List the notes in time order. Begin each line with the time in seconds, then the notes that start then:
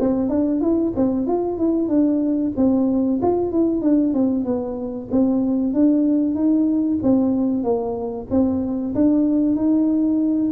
0.00 C4
0.29 D4
0.61 E4
0.96 C4
1.26 F4
1.58 E4
1.89 D4
2.56 C4
3.22 F4
3.52 E4
3.82 D4
4.14 C4
4.44 B3
5.11 C4
5.73 D4
6.35 D#4
7.03 C4
7.63 A#3
8.31 C4
8.95 D4
9.55 D#4